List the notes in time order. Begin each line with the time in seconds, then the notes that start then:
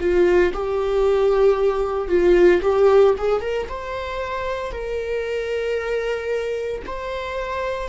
0.00 F4
0.54 G4
2.09 F4
2.62 G4
3.18 G#4
3.41 A#4
3.69 C5
4.72 A#4
6.86 C5